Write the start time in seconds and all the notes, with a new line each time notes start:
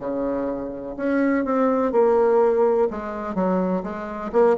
0.00 C#3
0.97 C#4
1.45 C4
1.92 A#3
2.91 G#3
3.35 F#3
3.84 G#3
4.32 A#3